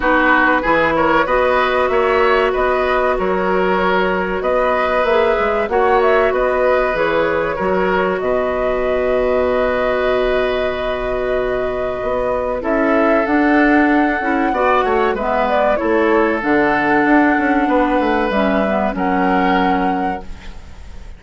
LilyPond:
<<
  \new Staff \with { instrumentName = "flute" } { \time 4/4 \tempo 4 = 95 b'4. cis''8 dis''4 e''4 | dis''4 cis''2 dis''4 | e''4 fis''8 e''8 dis''4 cis''4~ | cis''4 dis''2.~ |
dis''1 | e''4 fis''2. | e''8 d''8 cis''4 fis''2~ | fis''4 e''4 fis''2 | }
  \new Staff \with { instrumentName = "oboe" } { \time 4/4 fis'4 gis'8 ais'8 b'4 cis''4 | b'4 ais'2 b'4~ | b'4 cis''4 b'2 | ais'4 b'2.~ |
b'1 | a'2. d''8 cis''8 | b'4 a'2. | b'2 ais'2 | }
  \new Staff \with { instrumentName = "clarinet" } { \time 4/4 dis'4 e'4 fis'2~ | fis'1 | gis'4 fis'2 gis'4 | fis'1~ |
fis'1 | e'4 d'4. e'8 fis'4 | b4 e'4 d'2~ | d'4 cis'8 b8 cis'2 | }
  \new Staff \with { instrumentName = "bassoon" } { \time 4/4 b4 e4 b4 ais4 | b4 fis2 b4 | ais8 gis8 ais4 b4 e4 | fis4 b,2.~ |
b,2. b4 | cis'4 d'4. cis'8 b8 a8 | gis4 a4 d4 d'8 cis'8 | b8 a8 g4 fis2 | }
>>